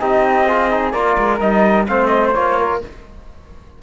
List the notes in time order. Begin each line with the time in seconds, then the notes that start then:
0.00 C4 D#4 G4 D#5
0.47 F4 G#4
0.70 D#4
0.92 A#3 F4 A#4 D5
1.18 G#3
1.41 G3 D#4 D#5
1.88 A3 C4 C5 F5
2.07 D#5
2.34 A#3 F4 C#5
2.59 A#4